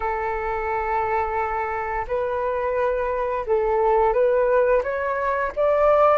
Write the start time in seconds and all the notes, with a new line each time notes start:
0.00 A4
2.07 B4
3.46 A4
4.13 B4
4.83 C#5
5.55 D5